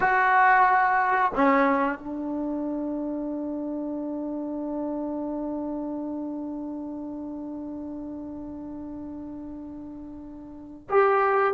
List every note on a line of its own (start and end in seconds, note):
0.00 1.31 F#4
1.34 1.98 C#4
1.98 10.88 D4
10.89 11.54 G4